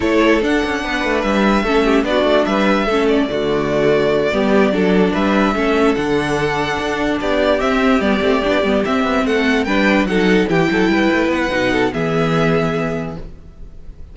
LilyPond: <<
  \new Staff \with { instrumentName = "violin" } { \time 4/4 \tempo 4 = 146 cis''4 fis''2 e''4~ | e''4 d''4 e''4. d''8~ | d''1~ | d''8 e''2 fis''4.~ |
fis''4. d''4 e''4 d''8~ | d''4. e''4 fis''4 g''8~ | g''8 fis''4 g''2 fis''8~ | fis''4 e''2. | }
  \new Staff \with { instrumentName = "violin" } { \time 4/4 a'2 b'2 | a'8 g'8 fis'4 b'4 a'4 | fis'2~ fis'8 g'4 a'8~ | a'8 b'4 a'2~ a'8~ |
a'4. g'2~ g'8~ | g'2~ g'8 a'4 b'8~ | b'8 a'4 g'8 a'8 b'4.~ | b'8 a'8 gis'2. | }
  \new Staff \with { instrumentName = "viola" } { \time 4/4 e'4 d'2. | cis'4 d'2 cis'4 | a2~ a8 b4 d'8~ | d'4. cis'4 d'4.~ |
d'2~ d'8 c'4 b8 | c'8 d'8 b8 c'2 d'8~ | d'8 dis'4 e'2~ e'8 | dis'4 b2. | }
  \new Staff \with { instrumentName = "cello" } { \time 4/4 a4 d'8 cis'8 b8 a8 g4 | a4 b8 a8 g4 a4 | d2~ d8 g4 fis8~ | fis8 g4 a4 d4.~ |
d8 d'4 b4 c'4 g8 | a8 b8 g8 c'8 b8 a4 g8~ | g8 fis4 e8 fis8 g8 a8 b8 | b,4 e2. | }
>>